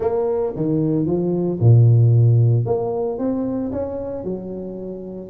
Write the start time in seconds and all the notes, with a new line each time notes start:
0.00 A#3
0.56 D#3
1.06 F3
1.60 A#2
2.65 A#3
3.18 C4
3.72 C#4
4.24 F#3